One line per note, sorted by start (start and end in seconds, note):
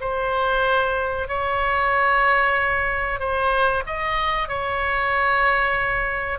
0.00 1.28 C5
1.28 3.19 C#5
3.19 3.83 C5
3.86 4.48 D#5
4.48 6.39 C#5